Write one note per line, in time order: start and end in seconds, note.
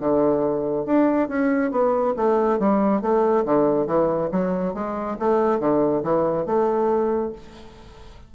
0.00 0.86 D3
0.86 1.29 D4
1.29 1.71 C#4
1.71 2.14 B3
2.17 2.59 A3
2.59 3.02 G3
3.02 3.45 A3
3.45 3.87 D3
3.87 4.30 E3
4.32 4.74 F#3
4.74 5.17 G#3
5.19 5.60 A3
5.60 6.03 D3
6.03 6.46 E3
6.46 7.33 A3